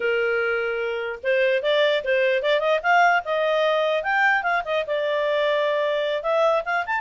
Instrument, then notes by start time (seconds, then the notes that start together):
clarinet
0.00 A#4
1.23 C5
1.62 D5
2.04 C5
2.42 D5
2.60 D#5
2.82 F5
3.24 D#5
4.03 G5
4.42 F5
4.65 D#5
4.86 D5
6.22 E5
6.65 F5
6.85 A5